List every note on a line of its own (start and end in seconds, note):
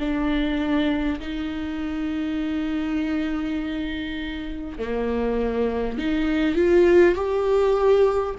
0.00 1.20 D4
1.21 4.79 D#4
4.79 5.98 A#3
5.98 6.56 D#4
6.56 7.15 F4
7.15 8.35 G4